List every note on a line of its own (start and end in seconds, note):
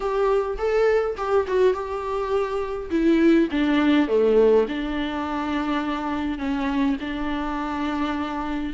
0.00 0.57 G4
0.57 1.16 A4
1.17 1.46 G4
1.47 1.73 F#4
1.73 2.90 G4
2.90 3.48 E4
3.51 4.08 D4
4.08 4.66 A3
4.68 6.38 D4
6.38 6.96 C#4
7.00 8.73 D4